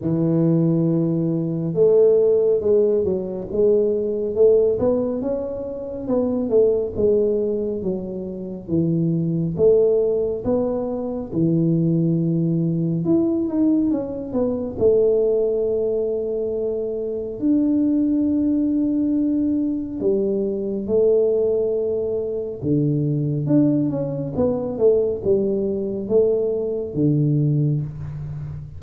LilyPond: \new Staff \with { instrumentName = "tuba" } { \time 4/4 \tempo 4 = 69 e2 a4 gis8 fis8 | gis4 a8 b8 cis'4 b8 a8 | gis4 fis4 e4 a4 | b4 e2 e'8 dis'8 |
cis'8 b8 a2. | d'2. g4 | a2 d4 d'8 cis'8 | b8 a8 g4 a4 d4 | }